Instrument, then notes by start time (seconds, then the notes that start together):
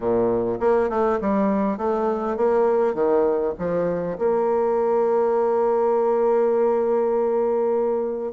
bassoon
0.00 A#2
0.60 A#3
0.89 A3
1.20 G3
1.77 A3
2.37 A#3
2.94 D#3
3.58 F3
4.18 A#3